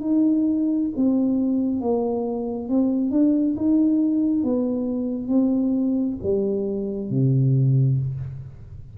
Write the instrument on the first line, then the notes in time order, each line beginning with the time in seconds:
tuba
0.00 D#4
0.95 C4
1.80 A#3
2.68 C4
3.10 D4
3.56 D#4
4.43 B3
5.27 C4
6.22 G3
7.09 C3